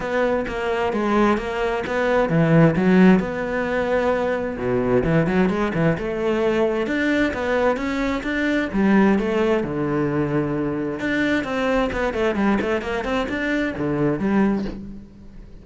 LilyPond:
\new Staff \with { instrumentName = "cello" } { \time 4/4 \tempo 4 = 131 b4 ais4 gis4 ais4 | b4 e4 fis4 b4~ | b2 b,4 e8 fis8 | gis8 e8 a2 d'4 |
b4 cis'4 d'4 g4 | a4 d2. | d'4 c'4 b8 a8 g8 a8 | ais8 c'8 d'4 d4 g4 | }